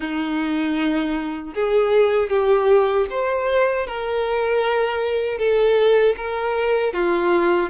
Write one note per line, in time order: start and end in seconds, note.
0.00 1.54 D#4
1.54 2.29 G#4
2.29 3.06 G4
3.10 3.86 C5
3.86 5.38 A#4
5.38 6.15 A4
6.16 6.93 A#4
6.93 7.69 F4